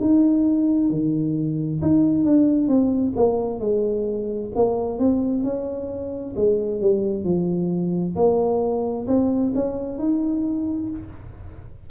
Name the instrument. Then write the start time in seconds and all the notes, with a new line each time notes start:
tuba
0.00 D#4
0.90 D#3
1.81 D#4
2.24 D4
2.68 C4
3.16 A#3
3.60 G#3
4.55 A#3
4.98 C4
5.43 C#4
6.36 G#3
6.81 G3
7.24 F3
8.15 A#3
9.07 C4
9.55 C#4
9.98 D#4